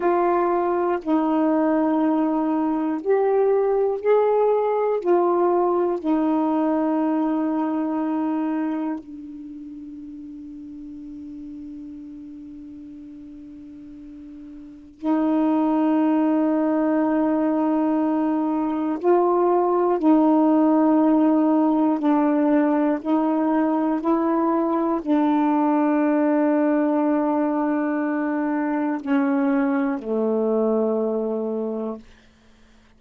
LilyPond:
\new Staff \with { instrumentName = "saxophone" } { \time 4/4 \tempo 4 = 60 f'4 dis'2 g'4 | gis'4 f'4 dis'2~ | dis'4 d'2.~ | d'2. dis'4~ |
dis'2. f'4 | dis'2 d'4 dis'4 | e'4 d'2.~ | d'4 cis'4 a2 | }